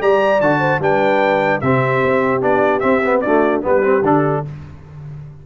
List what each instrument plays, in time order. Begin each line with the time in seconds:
0.00 tuba G3, trombone G4, horn D5, trumpet A#5
0.41 tuba D3, trombone F#4, trumpet A5
0.59 horn C5
0.79 tuba G3, trombone D4, horn B4, trumpet G5
1.61 tuba C3, trombone C4, horn G4, trumpet E5
2.04 tuba C4
2.41 tuba B3, trombone D4, trumpet D5
2.80 trombone C4, tuba C4, trumpet E5
3.05 trombone B3
3.21 trombone A3, tuba D4, horn F#4, trumpet D5
3.62 tuba G3, trombone B3, horn G4, trumpet B4
3.82 trombone C4
4.02 tuba D3, trombone D4, trumpet A4